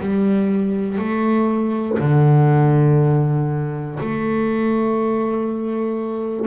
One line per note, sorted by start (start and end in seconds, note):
0.00 0.98 G3
0.98 1.98 A3
1.99 3.99 D3
4.00 6.46 A3